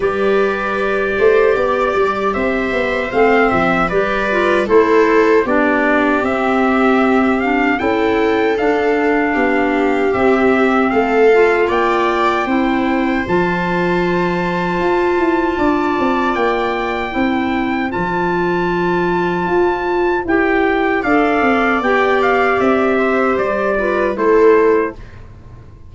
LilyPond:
<<
  \new Staff \with { instrumentName = "trumpet" } { \time 4/4 \tempo 4 = 77 d''2. e''4 | f''8 e''8 d''4 c''4 d''4 | e''4. f''8 g''4 f''4~ | f''4 e''4 f''4 g''4~ |
g''4 a''2.~ | a''4 g''2 a''4~ | a''2 g''4 f''4 | g''8 f''8 e''4 d''4 c''4 | }
  \new Staff \with { instrumentName = "viola" } { \time 4/4 b'4. c''8 d''4 c''4~ | c''4 b'4 a'4 g'4~ | g'2 a'2 | g'2 a'4 d''4 |
c''1 | d''2 c''2~ | c''2. d''4~ | d''4. c''4 b'8 a'4 | }
  \new Staff \with { instrumentName = "clarinet" } { \time 4/4 g'1 | c'4 g'8 f'8 e'4 d'4 | c'4. d'8 e'4 d'4~ | d'4 c'4. f'4. |
e'4 f'2.~ | f'2 e'4 f'4~ | f'2 g'4 a'4 | g'2~ g'8 f'8 e'4 | }
  \new Staff \with { instrumentName = "tuba" } { \time 4/4 g4. a8 b8 g8 c'8 b8 | a8 f8 g4 a4 b4 | c'2 cis'4 d'4 | b4 c'4 a4 ais4 |
c'4 f2 f'8 e'8 | d'8 c'8 ais4 c'4 f4~ | f4 f'4 e'4 d'8 c'8 | b4 c'4 g4 a4 | }
>>